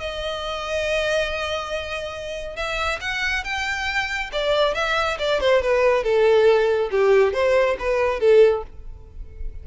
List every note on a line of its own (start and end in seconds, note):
0.00 2.56 D#5
2.56 3.00 E5
3.01 3.44 F#5
3.44 4.30 G5
4.32 4.75 D5
4.75 5.18 E5
5.19 5.41 D5
5.41 5.62 C5
5.62 6.04 B4
6.04 6.90 A4
6.91 7.33 G4
7.33 7.77 C5
7.80 8.20 B4
8.20 8.64 A4